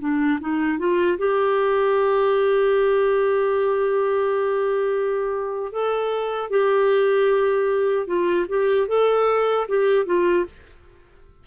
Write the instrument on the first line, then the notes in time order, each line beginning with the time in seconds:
clarinet
0.00 D4
0.41 D#4
0.79 F4
1.18 G4
5.72 A4
6.51 G4
8.07 F4
8.49 G4
8.88 A4
9.69 G4
10.06 F4